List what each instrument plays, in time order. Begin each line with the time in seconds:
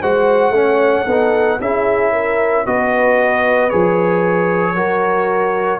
0.00 tuba G#3, trombone F#4, horn C5, trumpet F#5
0.49 tuba A3, trombone C#4, horn C#5
1.05 tuba B3, trombone D#4, horn A4
1.60 tuba C#4, trombone E4, horn G#4, trumpet E5
2.12 horn A#4
2.66 tuba B3, trombone F#4, horn B4, trumpet D#5
3.70 tuba F3, trombone G#4, trumpet C#5
4.74 tuba F#3, trombone F#4, horn A#4